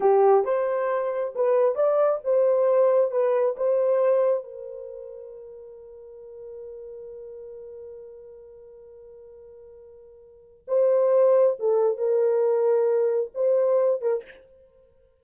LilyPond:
\new Staff \with { instrumentName = "horn" } { \time 4/4 \tempo 4 = 135 g'4 c''2 b'4 | d''4 c''2 b'4 | c''2 ais'2~ | ais'1~ |
ais'1~ | ais'1 | c''2 a'4 ais'4~ | ais'2 c''4. ais'8 | }